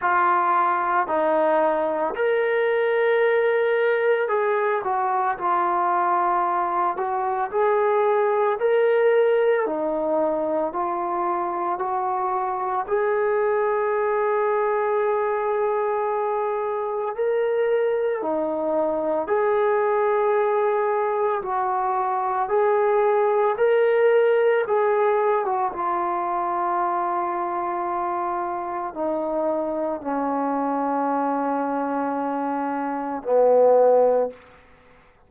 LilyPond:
\new Staff \with { instrumentName = "trombone" } { \time 4/4 \tempo 4 = 56 f'4 dis'4 ais'2 | gis'8 fis'8 f'4. fis'8 gis'4 | ais'4 dis'4 f'4 fis'4 | gis'1 |
ais'4 dis'4 gis'2 | fis'4 gis'4 ais'4 gis'8. fis'16 | f'2. dis'4 | cis'2. b4 | }